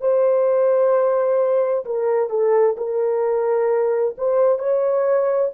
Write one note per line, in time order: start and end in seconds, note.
0.00 1.85 C5
1.85 2.29 A#4
2.29 2.75 A4
2.77 4.15 A#4
4.17 4.58 C5
4.58 5.50 C#5